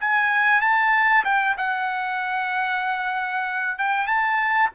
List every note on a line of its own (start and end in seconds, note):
0.00 0.61 G#5
0.61 1.24 A5
1.25 1.56 G5
1.58 3.78 F#5
3.78 4.07 G5
4.07 4.70 A5